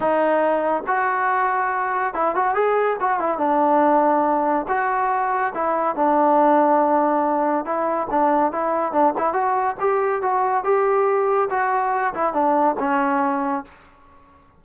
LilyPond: \new Staff \with { instrumentName = "trombone" } { \time 4/4 \tempo 4 = 141 dis'2 fis'2~ | fis'4 e'8 fis'8 gis'4 fis'8 e'8 | d'2. fis'4~ | fis'4 e'4 d'2~ |
d'2 e'4 d'4 | e'4 d'8 e'8 fis'4 g'4 | fis'4 g'2 fis'4~ | fis'8 e'8 d'4 cis'2 | }